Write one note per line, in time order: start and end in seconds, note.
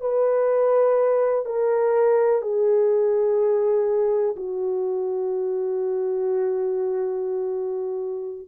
0.00 1.45 B4
1.45 2.41 A#4
2.41 4.35 G#4
4.36 8.47 F#4